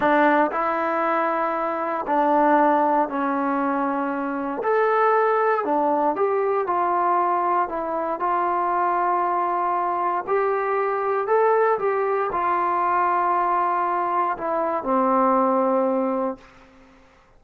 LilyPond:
\new Staff \with { instrumentName = "trombone" } { \time 4/4 \tempo 4 = 117 d'4 e'2. | d'2 cis'2~ | cis'4 a'2 d'4 | g'4 f'2 e'4 |
f'1 | g'2 a'4 g'4 | f'1 | e'4 c'2. | }